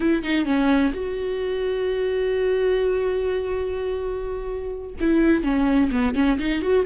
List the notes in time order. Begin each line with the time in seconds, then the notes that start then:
0.00 E4
0.23 D#4
0.45 C#4
0.93 F#4
5.00 E4
5.43 C#4
5.91 B3
6.15 C#4
6.38 D#4
6.62 F#4